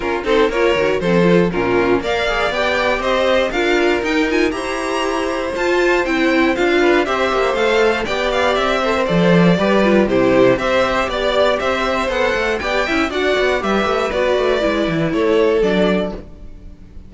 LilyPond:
<<
  \new Staff \with { instrumentName = "violin" } { \time 4/4 \tempo 4 = 119 ais'8 c''8 cis''4 c''4 ais'4 | f''4 g''4 dis''4 f''4 | g''8 gis''8 ais''2 a''4 | g''4 f''4 e''4 f''4 |
g''8 f''8 e''4 d''2 | c''4 e''4 d''4 e''4 | fis''4 g''4 fis''4 e''4 | d''2 cis''4 d''4 | }
  \new Staff \with { instrumentName = "violin" } { \time 4/4 f'8 a'8 ais'4 a'4 f'4 | d''2 c''4 ais'4~ | ais'4 c''2.~ | c''4. b'8 c''2 |
d''4. c''4. b'4 | g'4 c''4 d''4 c''4~ | c''4 d''8 e''8 d''4 b'4~ | b'2 a'2 | }
  \new Staff \with { instrumentName = "viola" } { \time 4/4 cis'8 dis'8 f'8 fis'8 c'8 f'8 cis'4 | ais'8 gis'8 g'2 f'4 | dis'8 f'8 g'2 f'4 | e'4 f'4 g'4 a'4 |
g'4. a'16 ais'16 a'4 g'8 f'8 | e'4 g'2. | a'4 g'8 e'8 fis'4 g'4 | fis'4 e'2 d'4 | }
  \new Staff \with { instrumentName = "cello" } { \time 4/4 cis'8 c'8 ais8 dis8 f4 ais,4 | ais4 b4 c'4 d'4 | dis'4 e'2 f'4 | c'4 d'4 c'8 ais8 a4 |
b4 c'4 f4 g4 | c4 c'4 b4 c'4 | b8 a8 b8 cis'8 d'8 b8 g8 a8 | b8 a8 gis8 e8 a4 fis4 | }
>>